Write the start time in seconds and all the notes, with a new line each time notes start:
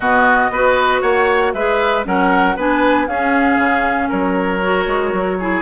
0.00 B2 B3 F#4 D#5
0.50 B3 F#4 B4
1.01 A#3 C#5 F#5
1.53 G#3 G#4 B4 E5
2.04 F#3 C#4 A#4 F#5
2.56 B3 D4 B4 G#5
3.07 C#4 G#4 F5
3.57 C#3
4.09 F#3 A#4 C#5
4.62 F#4
4.86 G#3
5.12 F#3
5.39 E4 G#4